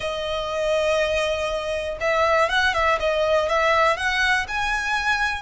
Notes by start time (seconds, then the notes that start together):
0.00 D#5
2.00 E5
2.49 F#5
2.74 E5
2.99 D#5
3.48 E5
3.96 F#5
4.48 G#5